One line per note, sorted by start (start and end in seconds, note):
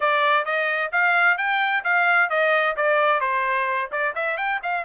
0.00 0.45 D5
0.45 0.91 D#5
0.92 1.37 F5
1.37 1.83 G5
1.83 2.29 F5
2.29 2.75 D#5
2.76 3.20 D5
3.20 3.89 C5
3.91 4.14 D5
4.15 4.37 E5
4.37 4.60 G5
4.63 4.84 F5